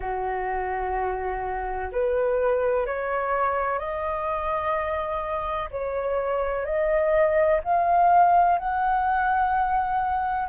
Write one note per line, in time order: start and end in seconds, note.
0.00 1.90 F#4
1.91 2.86 B4
2.86 3.78 C#5
3.78 5.69 D#5
5.70 6.65 C#5
6.65 7.60 D#5
7.64 8.58 F5
8.58 10.48 F#5